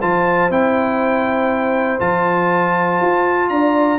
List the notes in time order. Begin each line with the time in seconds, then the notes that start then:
0.00 F3 F4 C5 A5
0.50 C4 E4 G5
2.00 F3 F4 A5
3.02 F4
3.50 D4 D5 A#5